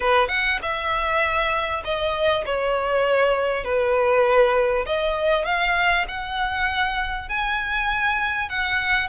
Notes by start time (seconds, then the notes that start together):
0.00 B4
0.28 F#5
0.62 E5
1.84 D#5
2.45 C#5
3.64 B4
4.86 D#5
5.45 F5
6.08 F#5
7.28 G#5
8.49 F#5